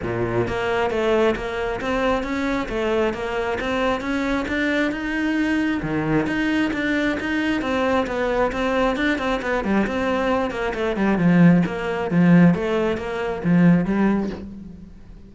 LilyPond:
\new Staff \with { instrumentName = "cello" } { \time 4/4 \tempo 4 = 134 ais,4 ais4 a4 ais4 | c'4 cis'4 a4 ais4 | c'4 cis'4 d'4 dis'4~ | dis'4 dis4 dis'4 d'4 |
dis'4 c'4 b4 c'4 | d'8 c'8 b8 g8 c'4. ais8 | a8 g8 f4 ais4 f4 | a4 ais4 f4 g4 | }